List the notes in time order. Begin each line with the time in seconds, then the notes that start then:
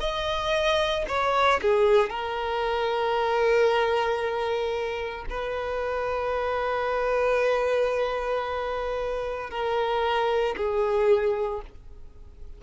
0.00 D#5
1.08 C#5
1.61 G#4
2.10 A#4
5.30 B4
9.50 A#4
10.56 G#4